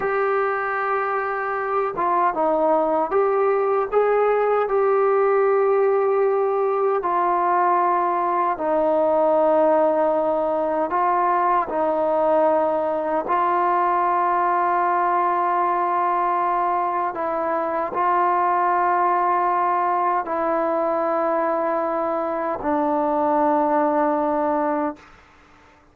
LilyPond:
\new Staff \with { instrumentName = "trombone" } { \time 4/4 \tempo 4 = 77 g'2~ g'8 f'8 dis'4 | g'4 gis'4 g'2~ | g'4 f'2 dis'4~ | dis'2 f'4 dis'4~ |
dis'4 f'2.~ | f'2 e'4 f'4~ | f'2 e'2~ | e'4 d'2. | }